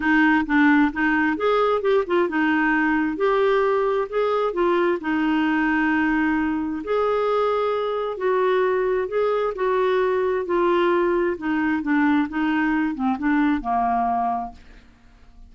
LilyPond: \new Staff \with { instrumentName = "clarinet" } { \time 4/4 \tempo 4 = 132 dis'4 d'4 dis'4 gis'4 | g'8 f'8 dis'2 g'4~ | g'4 gis'4 f'4 dis'4~ | dis'2. gis'4~ |
gis'2 fis'2 | gis'4 fis'2 f'4~ | f'4 dis'4 d'4 dis'4~ | dis'8 c'8 d'4 ais2 | }